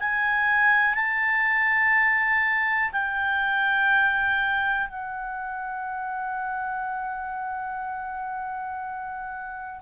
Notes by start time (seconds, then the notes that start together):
0.00 G#5
0.95 A5
2.93 G5
4.88 F#5